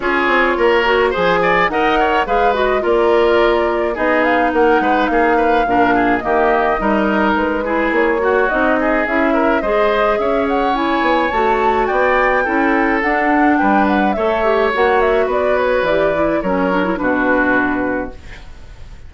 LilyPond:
<<
  \new Staff \with { instrumentName = "flute" } { \time 4/4 \tempo 4 = 106 cis''2 gis''4 fis''4 | f''8 dis''8 d''2 dis''8 f''8 | fis''4 f''2 dis''4~ | dis''4 b'4 cis''4 dis''4 |
e''4 dis''4 e''8 fis''8 gis''4 | a''4 g''2 fis''4 | g''8 fis''8 e''4 fis''8 e''8 d''8 cis''8 | d''4 cis''4 b'2 | }
  \new Staff \with { instrumentName = "oboe" } { \time 4/4 gis'4 ais'4 c''8 d''8 dis''8 cis''8 | b'4 ais'2 gis'4 | ais'8 b'8 gis'8 b'8 ais'8 gis'8 g'4 | ais'4. gis'4 fis'4 gis'8~ |
gis'8 ais'8 c''4 cis''2~ | cis''4 d''4 a'2 | b'4 cis''2 b'4~ | b'4 ais'4 fis'2 | }
  \new Staff \with { instrumentName = "clarinet" } { \time 4/4 f'4. fis'8 gis'4 ais'4 | gis'8 fis'8 f'2 dis'4~ | dis'2 d'4 ais4 | dis'4. e'4 fis'8 dis'4 |
e'4 gis'2 e'4 | fis'2 e'4 d'4~ | d'4 a'8 g'8 fis'2 | g'8 e'8 cis'8 d'16 e'16 d'2 | }
  \new Staff \with { instrumentName = "bassoon" } { \time 4/4 cis'8 c'8 ais4 f4 dis'4 | gis4 ais2 b4 | ais8 gis8 ais4 ais,4 dis4 | g4 gis4 ais4 c'4 |
cis'4 gis4 cis'4. b8 | a4 b4 cis'4 d'4 | g4 a4 ais4 b4 | e4 fis4 b,2 | }
>>